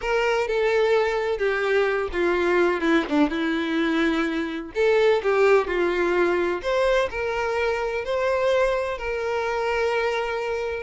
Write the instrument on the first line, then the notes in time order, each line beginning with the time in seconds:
violin
0.01 A#4
0.47 A4
1.38 G4
2.12 F4
2.80 E4
3.08 D4
3.30 E4
4.74 A4
5.22 G4
5.67 F4
6.61 C5
7.10 A#4
8.04 C5
8.97 A#4